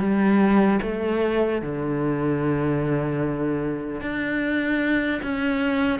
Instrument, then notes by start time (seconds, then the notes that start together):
cello
0.00 G3
0.82 A3
1.62 D3
4.01 D4
5.23 C#4